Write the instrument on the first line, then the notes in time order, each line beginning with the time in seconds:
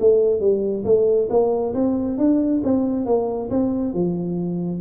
tuba
0.00 A3
0.40 G3
0.85 A3
1.30 A#3
1.74 C4
2.18 D4
2.64 C4
3.06 A#3
3.50 C4
3.94 F3